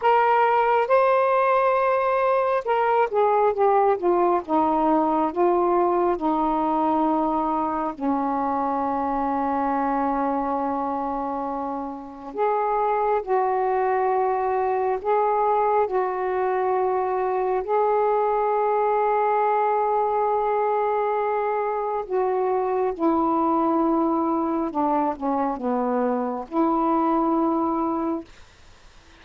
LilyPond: \new Staff \with { instrumentName = "saxophone" } { \time 4/4 \tempo 4 = 68 ais'4 c''2 ais'8 gis'8 | g'8 f'8 dis'4 f'4 dis'4~ | dis'4 cis'2.~ | cis'2 gis'4 fis'4~ |
fis'4 gis'4 fis'2 | gis'1~ | gis'4 fis'4 e'2 | d'8 cis'8 b4 e'2 | }